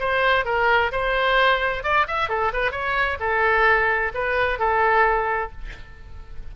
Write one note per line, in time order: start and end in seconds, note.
0.00 0.46 C5
0.46 0.92 A#4
0.92 1.84 C5
1.84 2.07 D5
2.08 2.30 E5
2.30 2.53 A4
2.53 2.72 B4
2.72 3.18 C#5
3.20 4.12 A4
4.15 4.59 B4
4.59 5.52 A4